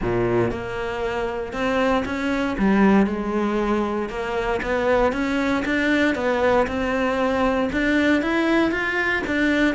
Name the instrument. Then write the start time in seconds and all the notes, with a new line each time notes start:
cello
0.01 A#2
0.51 A#3
1.52 C4
2.05 C#4
2.58 G3
3.06 G#3
4.09 A#3
4.62 B3
5.12 C#4
5.65 D4
6.15 B3
6.67 C4
7.72 D4
8.22 E4
8.71 F4
9.27 D4